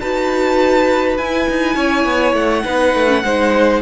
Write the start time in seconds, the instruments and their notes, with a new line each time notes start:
0.00 cello D#4, viola F#4, violin B4 A5
1.17 cello E4, viola E4, violin G#5
1.49 cello D#4
1.75 cello C#4, violin C#5
2.05 cello B3
2.33 cello A3, violin F#5
2.64 cello B3, viola D#4, violin B4
2.94 cello A3
3.08 viola C#4
3.23 cello G#3, viola D#4, violin C5